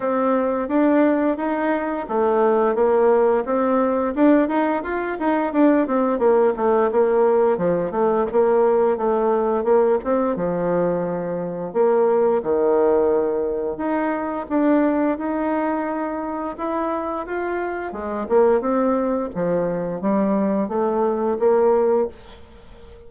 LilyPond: \new Staff \with { instrumentName = "bassoon" } { \time 4/4 \tempo 4 = 87 c'4 d'4 dis'4 a4 | ais4 c'4 d'8 dis'8 f'8 dis'8 | d'8 c'8 ais8 a8 ais4 f8 a8 | ais4 a4 ais8 c'8 f4~ |
f4 ais4 dis2 | dis'4 d'4 dis'2 | e'4 f'4 gis8 ais8 c'4 | f4 g4 a4 ais4 | }